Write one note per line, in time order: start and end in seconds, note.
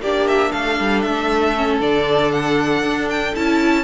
0.00 0.51 A#3
0.00 1.56 D4
0.00 0.52 G4
0.00 0.27 D5
0.27 0.52 E5
0.52 0.80 A3
0.52 3.84 A4
0.52 1.01 F5
0.80 1.05 G3
1.01 1.80 A3
1.01 1.78 E5
1.56 1.80 C#4
1.80 2.83 D3
1.80 3.34 D4
1.80 2.31 D5
2.31 3.08 F#5
2.83 3.34 D4
3.10 3.35 G5
3.35 3.84 C#4
3.35 3.84 E4
3.35 3.84 A5